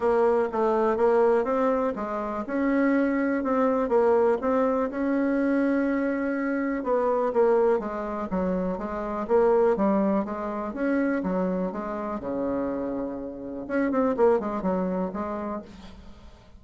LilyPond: \new Staff \with { instrumentName = "bassoon" } { \time 4/4 \tempo 4 = 123 ais4 a4 ais4 c'4 | gis4 cis'2 c'4 | ais4 c'4 cis'2~ | cis'2 b4 ais4 |
gis4 fis4 gis4 ais4 | g4 gis4 cis'4 fis4 | gis4 cis2. | cis'8 c'8 ais8 gis8 fis4 gis4 | }